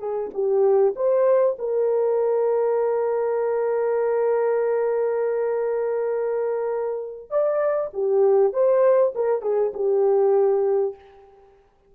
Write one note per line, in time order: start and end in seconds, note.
0.00 0.30 G#4
0.34 0.95 G4
0.96 1.57 C5
1.59 7.31 A#4
7.31 7.91 D5
7.94 8.53 G4
8.53 9.14 C5
9.16 9.42 A#4
9.42 9.72 G#4
9.74 10.96 G4